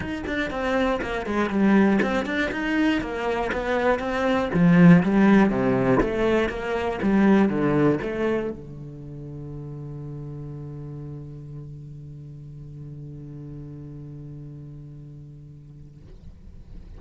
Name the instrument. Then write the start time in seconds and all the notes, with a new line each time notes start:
cello
0.00 D#4
0.26 D4
0.50 C4
1.01 A#3
1.26 G#3
1.49 G3
2.02 C4
2.25 D4
2.51 D#4
3.01 A#3
3.52 B3
3.99 C4
4.53 F3
5.02 G3
5.50 C3
6.00 A3
6.49 A#3
7.02 G3
7.49 D3
8.02 A3
8.50 D3